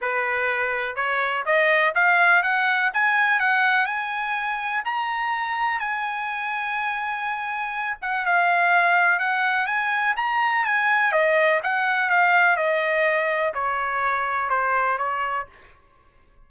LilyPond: \new Staff \with { instrumentName = "trumpet" } { \time 4/4 \tempo 4 = 124 b'2 cis''4 dis''4 | f''4 fis''4 gis''4 fis''4 | gis''2 ais''2 | gis''1~ |
gis''8 fis''8 f''2 fis''4 | gis''4 ais''4 gis''4 dis''4 | fis''4 f''4 dis''2 | cis''2 c''4 cis''4 | }